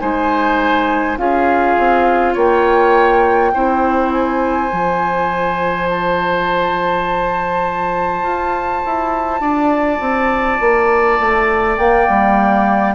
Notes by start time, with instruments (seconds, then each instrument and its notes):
0.00 bassoon G#3, clarinet D#4, oboe C5, flute G#5
1.18 bassoon C#4, clarinet F4, oboe G#4, flute F5
1.78 bassoon C4
2.34 bassoon A#3, oboe C#5, flute G5
3.54 bassoon C4, clarinet E4, oboe C5
4.13 flute G#5
4.69 bassoon F3, clarinet F4
5.90 flute A5
8.23 bassoon F4
8.86 bassoon E4
9.41 bassoon D4, oboe D5
10.01 bassoon C4
10.61 bassoon A#3
11.20 bassoon A3
11.78 clarinet A#3, bassoon A#3, flute G5
12.09 bassoon G3